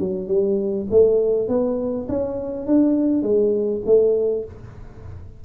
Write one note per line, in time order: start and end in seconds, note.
0.00 0.28 F#3
0.28 0.87 G3
0.91 1.48 A3
1.48 2.07 B3
2.09 2.67 C#4
2.67 3.23 D4
3.23 3.82 G#3
3.86 4.45 A3